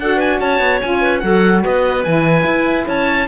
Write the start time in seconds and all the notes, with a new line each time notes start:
0.00 D4 F#4 A4 F#5
0.16 B4 G#5
0.40 C#4 C#5 A5
0.60 B3
0.82 C#4 F4 G#5
1.01 B4
1.20 F#3 F#4 A4 F#5
1.64 B3 B4 D#5
2.04 E3 E4 G#5
2.45 E4
2.87 C#4 C#5 A5